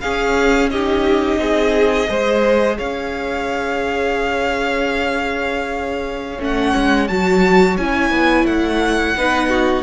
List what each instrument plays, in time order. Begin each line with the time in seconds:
0.00 viola C#4, cello C#4, violin G#4 F5
0.69 viola D#4, violin G4 D#5
1.38 cello C4, violin G#4
2.07 cello G#3, viola G#4, violin C5
2.77 cello C#4, violin C#5 F5
6.39 cello A3, viola C#4, violin F#5
6.76 cello G#3
7.07 cello F#3, viola F#4, violin A5
7.77 cello C#4, viola E4, violin G#5
8.10 cello B3
8.45 cello A3, violin F#5
9.17 cello B3, viola D#4, violin B4
9.49 violin F#4